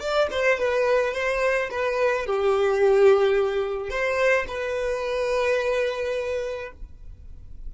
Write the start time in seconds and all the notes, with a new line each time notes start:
0.00 D5
0.31 C5
0.59 B4
1.14 C5
1.71 B4
2.26 G4
3.90 C5
4.48 B4